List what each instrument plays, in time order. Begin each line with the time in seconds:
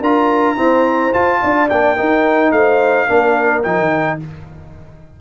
0.00 tuba D4, trombone F4, horn A#4, trumpet A#5
0.56 trombone C4, tuba E4, horn C5
1.13 trombone F4, tuba F4, trumpet A5
1.42 tuba D4, horn D5
1.70 tuba A#3, trombone D4, trumpet G5
1.97 trombone D#4, tuba D#4, horn A#4
2.52 tuba A3, horn C5, trumpet F5
3.08 tuba A#3, trombone D4, horn A#4
3.63 tuba F3, trombone D#4, trumpet G5
3.79 tuba D#3